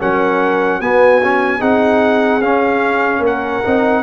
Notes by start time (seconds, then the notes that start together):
0.00 F#3 C#4 A#4 F#5
0.80 B3 F#4 G#5
1.24 C#4
1.59 C4 D#4 G#4 F#5
2.42 C#4 F5
3.20 A#3 A#4
3.27 F#5
3.65 C4 D#4